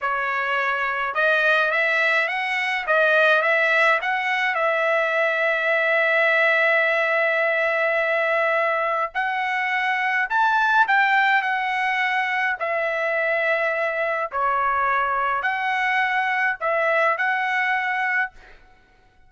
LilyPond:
\new Staff \with { instrumentName = "trumpet" } { \time 4/4 \tempo 4 = 105 cis''2 dis''4 e''4 | fis''4 dis''4 e''4 fis''4 | e''1~ | e''1 |
fis''2 a''4 g''4 | fis''2 e''2~ | e''4 cis''2 fis''4~ | fis''4 e''4 fis''2 | }